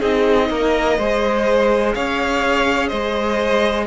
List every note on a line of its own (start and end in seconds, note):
0.00 0.50 C4
0.00 0.97 D#4
0.00 0.48 G#4
0.00 1.95 D#5
0.50 0.99 A#3
0.50 0.99 A#4
0.99 1.95 G#3
0.99 3.87 G#4
0.99 1.95 C5
1.95 2.92 C#4
1.95 2.89 C#5
1.95 2.89 F5
2.89 3.87 G#3
2.89 3.86 C5
2.89 3.86 D#5